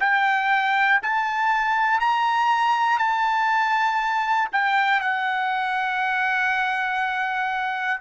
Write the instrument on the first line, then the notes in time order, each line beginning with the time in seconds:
trumpet
0.00 G5
1.02 A5
2.00 A#5
2.98 A5
4.52 G5
5.00 F#5